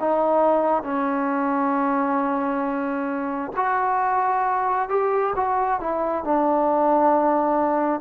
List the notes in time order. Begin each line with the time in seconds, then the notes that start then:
0.00 D#4
0.83 C#4
3.57 F#4
4.89 G4
5.36 F#4
5.80 E4
6.24 D4